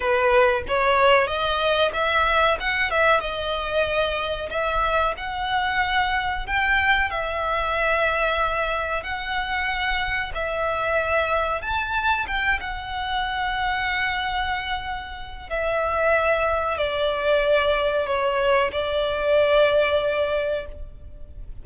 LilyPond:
\new Staff \with { instrumentName = "violin" } { \time 4/4 \tempo 4 = 93 b'4 cis''4 dis''4 e''4 | fis''8 e''8 dis''2 e''4 | fis''2 g''4 e''4~ | e''2 fis''2 |
e''2 a''4 g''8 fis''8~ | fis''1 | e''2 d''2 | cis''4 d''2. | }